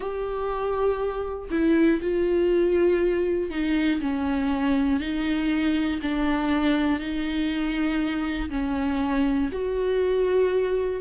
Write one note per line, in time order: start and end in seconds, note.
0.00 1.49 G4
1.50 2.00 E4
2.01 3.50 F4
3.50 4.00 D#4
4.00 5.00 C#4
5.00 6.00 D#4
6.01 6.99 D4
6.99 8.49 D#4
8.50 9.50 C#4
9.51 11.01 F#4